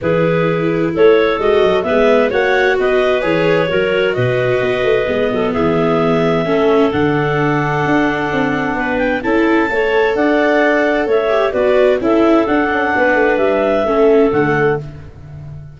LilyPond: <<
  \new Staff \with { instrumentName = "clarinet" } { \time 4/4 \tempo 4 = 130 b'2 cis''4 dis''4 | e''4 fis''4 dis''4 cis''4~ | cis''4 dis''2. | e''2. fis''4~ |
fis''2.~ fis''8 g''8 | a''2 fis''2 | e''4 d''4 e''4 fis''4~ | fis''4 e''2 fis''4 | }
  \new Staff \with { instrumentName = "clarinet" } { \time 4/4 gis'2 a'2 | b'4 cis''4 b'2 | ais'4 b'2~ b'8 a'8 | gis'2 a'2~ |
a'2. b'4 | a'4 cis''4 d''2 | cis''4 b'4 a'2 | b'2 a'2 | }
  \new Staff \with { instrumentName = "viola" } { \time 4/4 e'2. fis'4 | b4 fis'2 gis'4 | fis'2. b4~ | b2 cis'4 d'4~ |
d'1 | e'4 a'2.~ | a'8 g'8 fis'4 e'4 d'4~ | d'2 cis'4 a4 | }
  \new Staff \with { instrumentName = "tuba" } { \time 4/4 e2 a4 gis8 fis8 | gis4 ais4 b4 e4 | fis4 b,4 b8 a8 gis8 fis8 | e2 a4 d4~ |
d4 d'4 c'4 b4 | cis'4 a4 d'2 | a4 b4 cis'4 d'8 cis'8 | b8 a8 g4 a4 d4 | }
>>